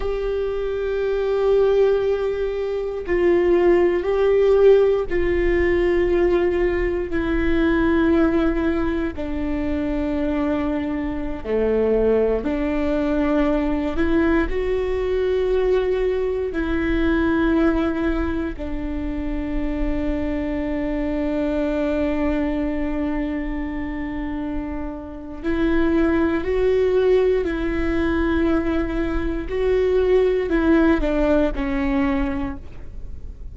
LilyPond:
\new Staff \with { instrumentName = "viola" } { \time 4/4 \tempo 4 = 59 g'2. f'4 | g'4 f'2 e'4~ | e'4 d'2~ d'16 a8.~ | a16 d'4. e'8 fis'4.~ fis'16~ |
fis'16 e'2 d'4.~ d'16~ | d'1~ | d'4 e'4 fis'4 e'4~ | e'4 fis'4 e'8 d'8 cis'4 | }